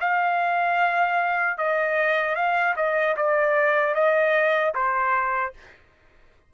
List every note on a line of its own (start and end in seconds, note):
0.00 1.58 F5
1.58 2.35 D#5
2.35 2.75 F5
2.76 3.16 D#5
3.17 3.94 D5
3.94 4.73 D#5
4.74 5.53 C5